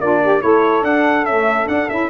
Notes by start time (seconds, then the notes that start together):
0.00 A#3 D4 F4 D5
0.23 G4
0.41 A3 E4 A4 C#5
0.82 D4 F#5
1.25 A3 C#4 E5
1.66 D4 F#5
1.90 C#4 E4 E5